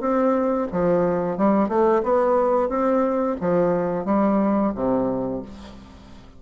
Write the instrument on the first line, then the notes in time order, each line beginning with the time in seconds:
bassoon
0.00 C4
0.72 F3
1.37 G3
1.68 A3
2.03 B3
2.69 C4
3.40 F3
4.05 G3
4.75 C3